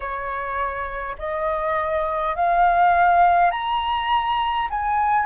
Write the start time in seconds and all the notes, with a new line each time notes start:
0.00 C#5
1.18 D#5
2.35 F5
3.50 A#5
4.70 G#5